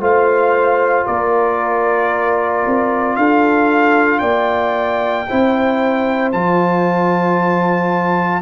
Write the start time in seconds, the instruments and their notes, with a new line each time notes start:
0.00 tuba A3, trombone F4, horn C5, trumpet F5
1.06 tuba A#3, horn A#4, trumpet D5
2.67 tuba C4
3.16 tuba D4, horn A4, trumpet F5
4.19 tuba A#3, horn D5, trumpet G5
5.29 tuba C4, trombone E4, horn C5
6.32 tuba F3, trombone F4, trumpet A5